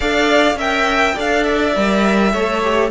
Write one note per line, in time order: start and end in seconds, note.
0.00 0.54 D4
0.00 0.57 A4
0.00 0.56 D5
0.00 0.58 F5
0.54 1.12 C#4
0.54 1.16 A#4
0.54 1.15 E5
0.60 1.18 G5
1.15 1.76 D4
1.15 1.74 A4
1.15 2.31 D5
1.15 1.43 F5
1.43 2.89 E5
1.76 2.33 G3
1.76 2.34 A#4
2.32 2.90 A3
2.32 2.62 A4
2.32 2.90 C#5
2.62 2.90 G4